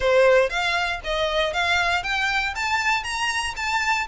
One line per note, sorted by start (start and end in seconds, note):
0.00 0.49 C5
0.49 1.00 F5
1.04 1.53 D#5
1.53 2.03 F5
2.03 2.54 G5
2.55 3.03 A5
3.03 3.54 A#5
3.56 4.07 A5